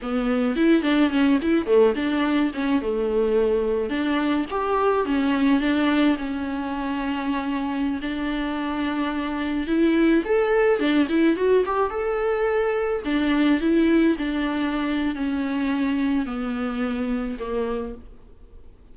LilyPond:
\new Staff \with { instrumentName = "viola" } { \time 4/4 \tempo 4 = 107 b4 e'8 d'8 cis'8 e'8 a8 d'8~ | d'8 cis'8 a2 d'4 | g'4 cis'4 d'4 cis'4~ | cis'2~ cis'16 d'4.~ d'16~ |
d'4~ d'16 e'4 a'4 d'8 e'16~ | e'16 fis'8 g'8 a'2 d'8.~ | d'16 e'4 d'4.~ d'16 cis'4~ | cis'4 b2 ais4 | }